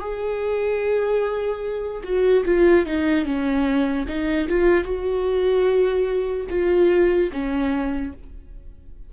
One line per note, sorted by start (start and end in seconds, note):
0.00 2.03 G#4
2.03 2.44 F#4
2.45 2.86 F4
2.86 3.25 D#4
3.25 4.06 C#4
4.08 4.48 D#4
4.49 4.84 F4
4.84 6.46 F#4
6.49 7.30 F4
7.32 8.13 C#4